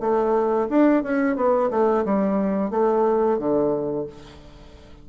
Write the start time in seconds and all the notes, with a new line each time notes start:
0.00 A3
0.69 D4
1.04 C#4
1.36 B3
1.70 A3
2.05 G3
2.71 A3
3.38 D3